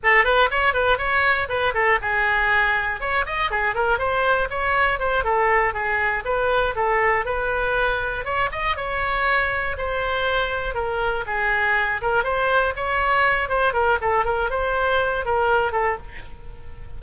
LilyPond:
\new Staff \with { instrumentName = "oboe" } { \time 4/4 \tempo 4 = 120 a'8 b'8 cis''8 b'8 cis''4 b'8 a'8 | gis'2 cis''8 dis''8 gis'8 ais'8 | c''4 cis''4 c''8 a'4 gis'8~ | gis'8 b'4 a'4 b'4.~ |
b'8 cis''8 dis''8 cis''2 c''8~ | c''4. ais'4 gis'4. | ais'8 c''4 cis''4. c''8 ais'8 | a'8 ais'8 c''4. ais'4 a'8 | }